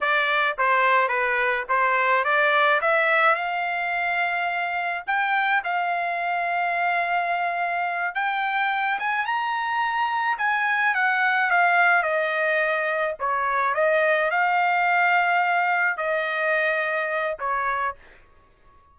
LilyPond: \new Staff \with { instrumentName = "trumpet" } { \time 4/4 \tempo 4 = 107 d''4 c''4 b'4 c''4 | d''4 e''4 f''2~ | f''4 g''4 f''2~ | f''2~ f''8 g''4. |
gis''8 ais''2 gis''4 fis''8~ | fis''8 f''4 dis''2 cis''8~ | cis''8 dis''4 f''2~ f''8~ | f''8 dis''2~ dis''8 cis''4 | }